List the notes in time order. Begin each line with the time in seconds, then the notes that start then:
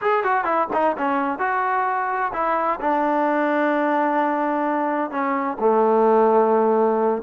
0.01 G#4
0.23 F#4
0.44 E4
0.73 D#4
0.97 C#4
1.38 F#4
2.33 E4
2.80 D4
5.10 C#4
5.59 A3